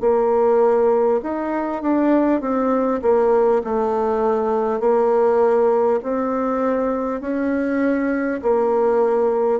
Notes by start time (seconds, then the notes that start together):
0.00 A#3
1.22 D#4
1.82 D4
2.41 C4
3.02 A#3
3.64 A3
4.80 A#3
6.02 C4
7.21 C#4
8.42 A#3